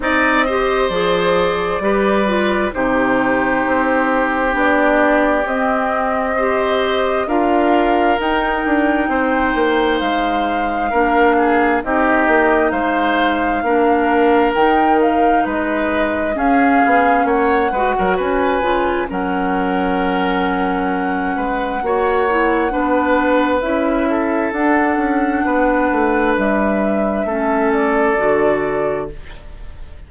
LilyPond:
<<
  \new Staff \with { instrumentName = "flute" } { \time 4/4 \tempo 4 = 66 dis''4 d''2 c''4~ | c''4 d''4 dis''2 | f''4 g''2 f''4~ | f''4 dis''4 f''2 |
g''8 f''8 dis''4 f''4 fis''4 | gis''4 fis''2.~ | fis''2 e''4 fis''4~ | fis''4 e''4. d''4. | }
  \new Staff \with { instrumentName = "oboe" } { \time 4/4 d''8 c''4. b'4 g'4~ | g'2. c''4 | ais'2 c''2 | ais'8 gis'8 g'4 c''4 ais'4~ |
ais'4 b'4 gis'4 cis''8 b'16 ais'16 | b'4 ais'2~ ais'8 b'8 | cis''4 b'4. a'4. | b'2 a'2 | }
  \new Staff \with { instrumentName = "clarinet" } { \time 4/4 dis'8 g'8 gis'4 g'8 f'8 dis'4~ | dis'4 d'4 c'4 g'4 | f'4 dis'2. | d'4 dis'2 d'4 |
dis'2 cis'4. fis'8~ | fis'8 f'8 cis'2. | fis'8 e'8 d'4 e'4 d'4~ | d'2 cis'4 fis'4 | }
  \new Staff \with { instrumentName = "bassoon" } { \time 4/4 c'4 f4 g4 c4 | c'4 b4 c'2 | d'4 dis'8 d'8 c'8 ais8 gis4 | ais4 c'8 ais8 gis4 ais4 |
dis4 gis4 cis'8 b8 ais8 gis16 fis16 | cis'8 cis8 fis2~ fis8 gis8 | ais4 b4 cis'4 d'8 cis'8 | b8 a8 g4 a4 d4 | }
>>